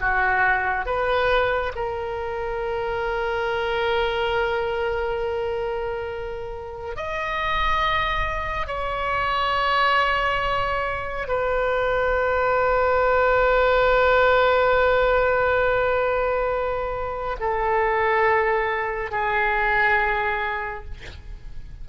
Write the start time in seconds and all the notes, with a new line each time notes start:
0.00 F#4
0.85 B4
1.75 A#4
6.96 D#5
8.67 C#5
11.28 B4
17.40 A4
19.11 G#4